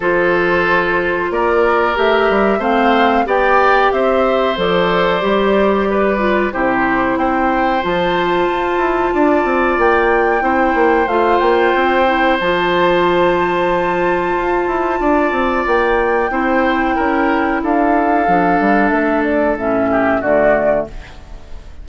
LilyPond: <<
  \new Staff \with { instrumentName = "flute" } { \time 4/4 \tempo 4 = 92 c''2 d''4 e''4 | f''4 g''4 e''4 d''4~ | d''2 c''4 g''4 | a''2. g''4~ |
g''4 f''8 g''4. a''4~ | a''1 | g''2. f''4~ | f''4 e''8 d''8 e''4 d''4 | }
  \new Staff \with { instrumentName = "oboe" } { \time 4/4 a'2 ais'2 | c''4 d''4 c''2~ | c''4 b'4 g'4 c''4~ | c''2 d''2 |
c''1~ | c''2. d''4~ | d''4 c''4 ais'4 a'4~ | a'2~ a'8 g'8 fis'4 | }
  \new Staff \with { instrumentName = "clarinet" } { \time 4/4 f'2. g'4 | c'4 g'2 a'4 | g'4. f'8 e'2 | f'1 |
e'4 f'4. e'8 f'4~ | f'1~ | f'4 e'2. | d'2 cis'4 a4 | }
  \new Staff \with { instrumentName = "bassoon" } { \time 4/4 f2 ais4 a8 g8 | a4 b4 c'4 f4 | g2 c4 c'4 | f4 f'8 e'8 d'8 c'8 ais4 |
c'8 ais8 a8 ais8 c'4 f4~ | f2 f'8 e'8 d'8 c'8 | ais4 c'4 cis'4 d'4 | f8 g8 a4 a,4 d4 | }
>>